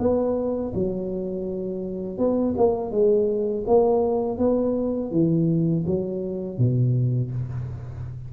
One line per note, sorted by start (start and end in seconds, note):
0.00 0.73 B3
0.75 2.19 F#3
2.19 2.55 B3
2.58 2.92 A#3
2.92 3.65 G#3
3.67 4.39 A#3
4.39 5.12 B3
5.12 5.85 E3
5.87 6.59 F#3
6.59 7.32 B2